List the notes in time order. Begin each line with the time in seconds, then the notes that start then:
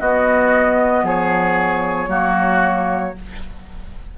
0.00 B3 F#4 D#5
1.04 F3 G#4 C#5
2.08 F#3 A#3 F#4